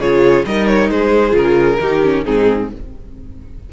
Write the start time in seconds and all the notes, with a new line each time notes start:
0.00 C#3 F4 G#4 C#5
0.46 G3 D#4 A#4 D#5
0.68 C#5
0.90 G#3 G#4 C5
1.31 C#3 F4 A#4
1.81 D#3 D#4 G4
2.03 C#4
2.25 G#2 C4 D#4 G#4